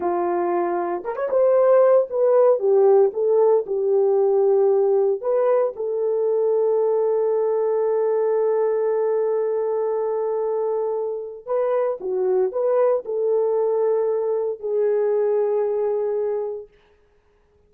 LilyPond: \new Staff \with { instrumentName = "horn" } { \time 4/4 \tempo 4 = 115 f'2 ais'16 cis''16 c''4. | b'4 g'4 a'4 g'4~ | g'2 b'4 a'4~ | a'1~ |
a'1~ | a'2 b'4 fis'4 | b'4 a'2. | gis'1 | }